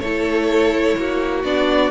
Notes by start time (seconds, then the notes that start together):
0.00 A3 E4 A4 C#5
0.96 A#3 F#4
1.44 B3 D4 D5